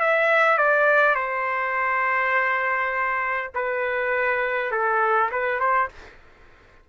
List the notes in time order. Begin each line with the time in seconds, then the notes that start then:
0.00 E5
0.57 D5
1.14 C5
3.54 B4
4.71 A4
5.31 B4
5.59 C5